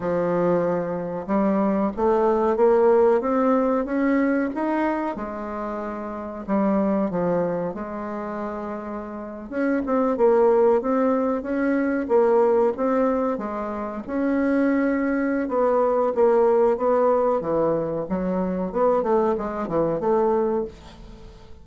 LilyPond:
\new Staff \with { instrumentName = "bassoon" } { \time 4/4 \tempo 4 = 93 f2 g4 a4 | ais4 c'4 cis'4 dis'4 | gis2 g4 f4 | gis2~ gis8. cis'8 c'8 ais16~ |
ais8. c'4 cis'4 ais4 c'16~ | c'8. gis4 cis'2~ cis'16 | b4 ais4 b4 e4 | fis4 b8 a8 gis8 e8 a4 | }